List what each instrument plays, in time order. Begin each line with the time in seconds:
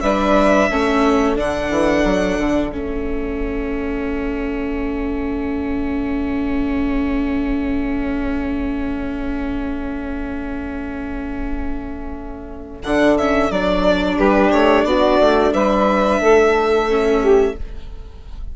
0.00 bassoon G3, viola D4, saxophone B4, violin E5
0.70 bassoon A3, viola C#4, saxophone A4
1.36 bassoon D3, viola D4, violin F#5
1.70 bassoon E3
2.04 bassoon F#3
2.38 bassoon D3
2.70 bassoon A3, viola C#4, violin E5
12.83 bassoon D3, viola D4, violin F#5
13.17 viola C#4, violin E5
13.50 bassoon F#3, viola D4, violin D5
14.17 bassoon G3, saxophone G4, violin B4
14.51 bassoon A3, violin C#5
14.84 bassoon B3, saxophone F#4, violin D5
15.20 bassoon A3
15.53 bassoon G3, saxophone B4, violin E5
16.20 bassoon A3, saxophone A4
16.88 viola C#4
17.21 saxophone G4